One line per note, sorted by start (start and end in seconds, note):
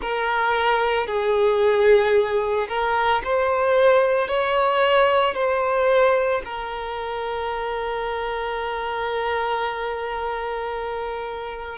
0.01 1.07 A#4
1.07 2.67 G#4
2.68 3.21 A#4
3.24 4.28 C5
4.28 5.34 C#5
5.34 6.41 C5
6.44 11.78 A#4